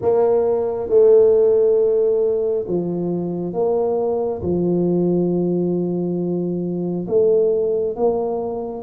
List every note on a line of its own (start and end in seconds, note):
0.01 0.89 A#3
0.89 2.65 A3
2.67 3.53 F3
3.53 4.41 A#3
4.42 7.06 F3
7.07 7.95 A3
7.96 8.82 A#3